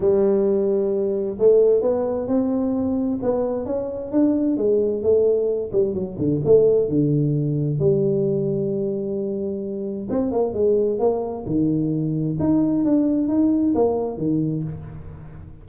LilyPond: \new Staff \with { instrumentName = "tuba" } { \time 4/4 \tempo 4 = 131 g2. a4 | b4 c'2 b4 | cis'4 d'4 gis4 a4~ | a8 g8 fis8 d8 a4 d4~ |
d4 g2.~ | g2 c'8 ais8 gis4 | ais4 dis2 dis'4 | d'4 dis'4 ais4 dis4 | }